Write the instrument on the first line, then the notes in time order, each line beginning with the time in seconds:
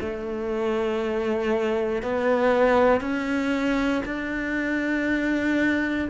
cello
0.00 A3
2.02 B3
3.01 C#4
4.05 D4